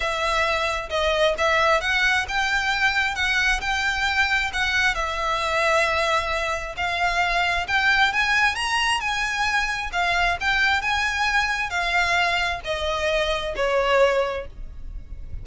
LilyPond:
\new Staff \with { instrumentName = "violin" } { \time 4/4 \tempo 4 = 133 e''2 dis''4 e''4 | fis''4 g''2 fis''4 | g''2 fis''4 e''4~ | e''2. f''4~ |
f''4 g''4 gis''4 ais''4 | gis''2 f''4 g''4 | gis''2 f''2 | dis''2 cis''2 | }